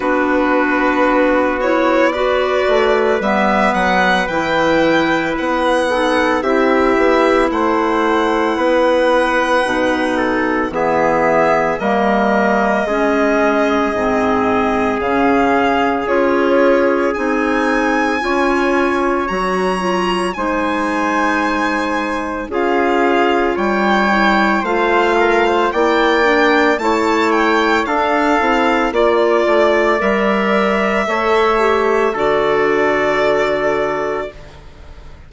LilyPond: <<
  \new Staff \with { instrumentName = "violin" } { \time 4/4 \tempo 4 = 56 b'4. cis''8 d''4 e''8 fis''8 | g''4 fis''4 e''4 fis''4~ | fis''2 e''4 dis''4~ | dis''2 f''4 cis''4 |
gis''2 ais''4 gis''4~ | gis''4 f''4 g''4 f''4 | g''4 a''8 g''8 f''4 d''4 | e''2 d''2 | }
  \new Staff \with { instrumentName = "trumpet" } { \time 4/4 fis'2 b'2~ | b'4. a'8 g'4 c''4 | b'4. a'8 gis'4 ais'4 | gis'1~ |
gis'4 cis''2 c''4~ | c''4 gis'4 cis''4 c''8 ais'16 c''16 | d''4 cis''4 a'4 d''4~ | d''4 cis''4 a'2 | }
  \new Staff \with { instrumentName = "clarinet" } { \time 4/4 d'4. e'8 fis'4 b4 | e'4. dis'8 e'2~ | e'4 dis'4 b4 ais4 | cis'4 c'4 cis'4 f'4 |
dis'4 f'4 fis'8 f'8 dis'4~ | dis'4 f'4. e'8 f'4 | e'8 d'8 e'4 d'8 e'8 f'4 | ais'4 a'8 g'8 fis'2 | }
  \new Staff \with { instrumentName = "bassoon" } { \time 4/4 b2~ b8 a8 g8 fis8 | e4 b4 c'8 b8 a4 | b4 b,4 e4 g4 | gis4 gis,4 cis4 cis'4 |
c'4 cis'4 fis4 gis4~ | gis4 cis'4 g4 a4 | ais4 a4 d'8 c'8 ais8 a8 | g4 a4 d2 | }
>>